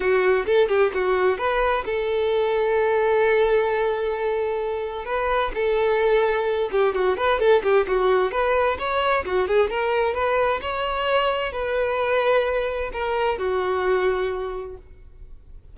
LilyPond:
\new Staff \with { instrumentName = "violin" } { \time 4/4 \tempo 4 = 130 fis'4 a'8 g'8 fis'4 b'4 | a'1~ | a'2. b'4 | a'2~ a'8 g'8 fis'8 b'8 |
a'8 g'8 fis'4 b'4 cis''4 | fis'8 gis'8 ais'4 b'4 cis''4~ | cis''4 b'2. | ais'4 fis'2. | }